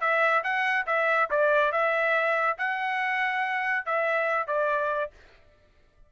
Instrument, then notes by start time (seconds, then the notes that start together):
trumpet
0.00 E5
0.43 F#5
0.86 E5
1.30 D5
1.72 E5
2.58 F#5
3.85 E5
4.47 D5